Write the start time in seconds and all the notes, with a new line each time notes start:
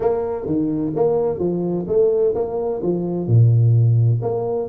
0.00 A#3
0.46 D#3
0.95 A#3
1.38 F3
1.87 A3
2.34 A#3
2.82 F3
3.27 A#2
4.22 A#3